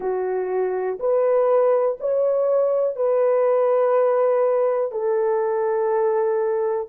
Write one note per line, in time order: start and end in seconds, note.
0.00 0.98 F#4
0.99 1.98 B4
2.00 2.96 C#5
2.96 4.91 B4
4.91 6.88 A4